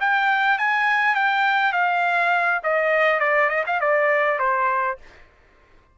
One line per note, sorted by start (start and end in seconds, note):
0.00 0.58 G5
0.58 1.15 G#5
1.15 1.72 G5
1.72 2.61 F5
2.63 3.20 D#5
3.20 3.49 D5
3.49 3.64 D#5
3.67 3.80 F5
3.80 4.39 D5
4.39 4.98 C5